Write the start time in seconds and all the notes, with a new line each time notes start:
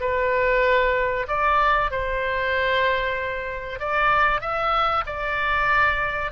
0.00 B4
1.27 D5
1.91 C5
3.79 D5
4.40 E5
5.06 D5